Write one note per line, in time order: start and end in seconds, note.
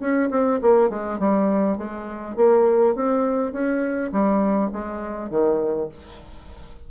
0.00 0.29 C#4
0.30 0.60 C4
0.61 0.89 A#3
0.89 1.19 G#3
1.19 1.78 G3
1.78 2.36 G#3
2.36 2.95 A#3
2.95 3.52 C4
3.52 4.11 C#4
4.12 4.71 G3
4.72 5.30 G#3
5.30 5.89 D#3